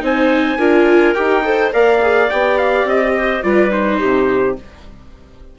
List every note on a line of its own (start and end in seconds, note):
0.00 0.58 C4
0.00 0.57 D#4
0.00 0.59 C5
0.00 1.15 G#5
0.58 1.15 D4
0.58 1.15 F4
0.58 1.44 A#4
1.15 1.74 D#4
1.15 1.43 G4
1.15 1.71 G5
1.44 1.73 A4
1.44 1.73 C5
1.73 2.30 A#3
1.73 2.01 A#4
1.73 3.15 D5
1.73 2.30 F5
2.02 2.30 G#4
2.31 2.85 B3
2.31 3.44 G4
2.31 2.59 G5
2.59 2.87 F5
2.85 3.42 C4
2.85 3.43 D#5
3.16 3.44 C5
3.43 4.01 G3
3.43 3.71 F4
3.43 3.99 B4
3.43 3.71 D5
3.71 4.55 D#4
3.71 4.57 C5
3.99 4.59 C3
3.99 4.56 G4